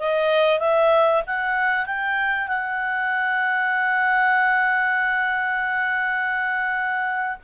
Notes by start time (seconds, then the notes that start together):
0.00 D#5
0.60 E5
1.27 F#5
1.86 G5
2.48 F#5